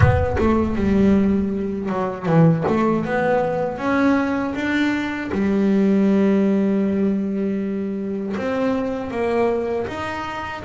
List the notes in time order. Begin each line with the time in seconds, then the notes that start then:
0.00 B3
0.38 A3
0.75 G3
1.89 F#3
2.25 E3
2.67 A3
3.05 B3
3.78 C#4
4.54 D4
5.32 G3
8.36 C4
9.10 A#3
9.87 D#4